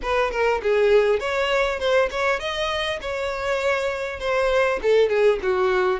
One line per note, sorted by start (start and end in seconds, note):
0.02 0.31 B4
0.31 0.61 A#4
0.62 1.19 G#4
1.19 1.79 C#5
1.79 2.09 C5
2.11 2.39 C#5
2.39 2.99 D#5
3.01 4.19 C#5
4.19 4.79 C5
4.82 5.09 A4
5.09 5.39 G#4
5.42 5.99 F#4